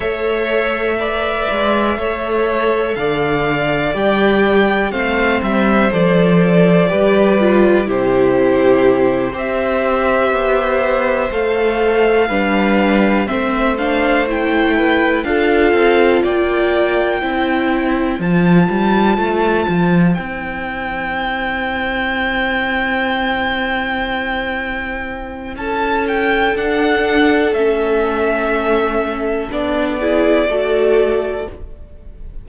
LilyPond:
<<
  \new Staff \with { instrumentName = "violin" } { \time 4/4 \tempo 4 = 61 e''2. f''4 | g''4 f''8 e''8 d''2 | c''4. e''2 f''8~ | f''4. e''8 f''8 g''4 f''8~ |
f''8 g''2 a''4.~ | a''8 g''2.~ g''8~ | g''2 a''8 g''8 fis''4 | e''2 d''2 | }
  \new Staff \with { instrumentName = "violin" } { \time 4/4 cis''4 d''4 cis''4 d''4~ | d''4 c''2 b'4 | g'4. c''2~ c''8~ | c''8 b'4 c''4. b'8 a'8~ |
a'8 d''4 c''2~ c''8~ | c''1~ | c''2 a'2~ | a'2~ a'8 gis'8 a'4 | }
  \new Staff \with { instrumentName = "viola" } { \time 4/4 a'4 b'4 a'2 | g'4 c'4 a'4 g'8 f'8 | e'4. g'2 a'8~ | a'8 d'4 c'8 d'8 e'4 f'8~ |
f'4. e'4 f'4.~ | f'8 e'2.~ e'8~ | e'2. d'4 | cis'2 d'8 e'8 fis'4 | }
  \new Staff \with { instrumentName = "cello" } { \time 4/4 a4. gis8 a4 d4 | g4 a8 g8 f4 g4 | c4. c'4 b4 a8~ | a8 g4 a2 d'8 |
c'8 ais4 c'4 f8 g8 a8 | f8 c'2.~ c'8~ | c'2 cis'4 d'4 | a2 b4 a4 | }
>>